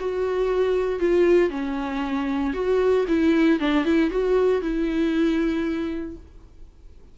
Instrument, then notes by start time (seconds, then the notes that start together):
viola
0.00 F#4
1.00 F4
1.50 C#4
2.54 F#4
3.09 E4
3.60 D4
3.85 E4
4.11 F#4
4.62 E4